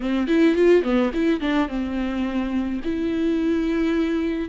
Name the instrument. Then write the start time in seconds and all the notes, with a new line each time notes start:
viola
0.00 C4
0.27 E4
0.55 F4
0.82 B3
1.13 E4
1.40 D4
1.68 C4
2.83 E4